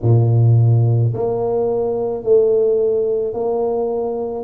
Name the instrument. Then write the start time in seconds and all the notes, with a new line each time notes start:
tuba
0.02 A#2
1.14 A#3
2.23 A3
3.33 A#3